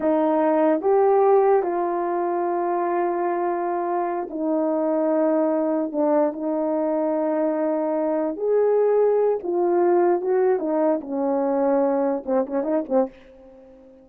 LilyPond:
\new Staff \with { instrumentName = "horn" } { \time 4/4 \tempo 4 = 147 dis'2 g'2 | f'1~ | f'2~ f'8 dis'4.~ | dis'2~ dis'8 d'4 dis'8~ |
dis'1~ | dis'8 gis'2~ gis'8 f'4~ | f'4 fis'4 dis'4 cis'4~ | cis'2 c'8 cis'8 dis'8 c'8 | }